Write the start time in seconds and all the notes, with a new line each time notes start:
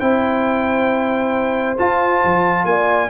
0.00 C4 E4 C5 G5
1.77 F4 A5
2.24 F3
2.65 A#3 D5 G#5